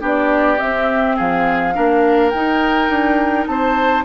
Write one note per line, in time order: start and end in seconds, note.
0.00 0.59 B3
0.00 0.58 D4
0.00 1.16 G4
0.06 0.59 D5
0.59 1.74 C4
0.59 1.20 C4
0.59 1.17 E5
1.16 1.77 F3
1.16 1.74 G#4
1.16 2.30 F5
1.74 2.33 A#3
1.74 2.32 D4
1.74 3.48 A#4
2.30 2.89 D#4
2.30 4.05 D#4
2.30 3.45 G5
2.89 3.47 D4
3.47 4.05 C4
3.47 4.05 C5
3.47 4.05 A5